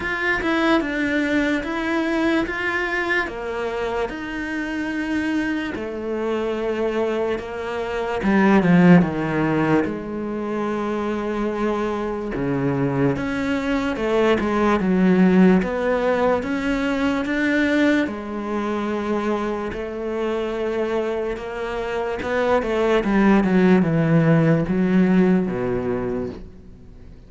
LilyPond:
\new Staff \with { instrumentName = "cello" } { \time 4/4 \tempo 4 = 73 f'8 e'8 d'4 e'4 f'4 | ais4 dis'2 a4~ | a4 ais4 g8 f8 dis4 | gis2. cis4 |
cis'4 a8 gis8 fis4 b4 | cis'4 d'4 gis2 | a2 ais4 b8 a8 | g8 fis8 e4 fis4 b,4 | }